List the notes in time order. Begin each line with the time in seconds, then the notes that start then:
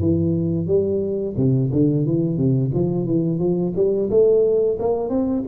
0.00 E3
0.67 G3
1.36 C3
1.72 D3
2.06 E3
2.37 C3
2.74 F3
3.06 E3
3.39 F3
3.76 G3
4.10 A3
4.79 A#3
5.09 C4